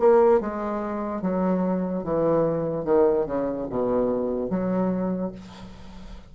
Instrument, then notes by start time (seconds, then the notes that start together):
bassoon
0.00 A#3
0.41 G#3
1.22 F#3
2.04 E3
2.85 D#3
3.27 C#3
3.70 B2
4.50 F#3